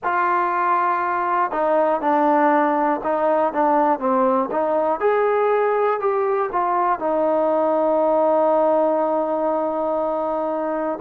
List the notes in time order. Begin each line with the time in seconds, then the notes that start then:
0.03 F4
1.51 D#4
2.00 D4
3.03 D#4
3.53 D4
3.99 C4
4.51 D#4
5.00 G#4
6.00 G4
6.52 F4
6.99 D#4